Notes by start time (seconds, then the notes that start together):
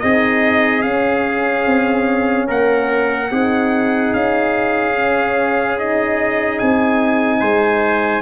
0.00 C4 D#4 G#4 D#5
0.82 C#4 F5
1.66 C4
2.48 A#3 A#4 F#5
3.31 C4 D#4 G#4
4.14 C#4 F5
4.95 C#4
5.78 D#4 D#5
6.59 C4 G#5
7.40 G#3 C5